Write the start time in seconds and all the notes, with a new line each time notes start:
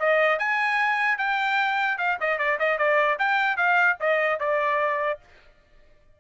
0.00 D#5
0.39 G#5
1.19 G5
1.99 F5
2.21 D#5
2.39 D5
2.60 D#5
2.79 D5
3.19 G5
3.57 F5
4.01 D#5
4.40 D5